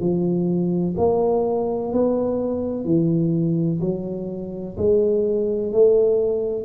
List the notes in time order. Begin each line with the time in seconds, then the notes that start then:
0.00 F3
0.97 A#3
1.93 B3
2.85 E3
3.81 F#3
4.77 G#3
5.72 A3